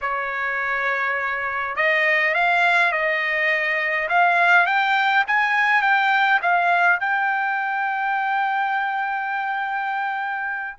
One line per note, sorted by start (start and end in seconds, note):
0.01 1.76 C#5
1.76 2.34 D#5
2.34 2.92 F5
2.92 4.08 D#5
4.08 4.66 F5
4.66 5.24 G5
5.27 5.81 G#5
5.81 6.40 G5
6.42 7.00 F5
7.00 10.78 G5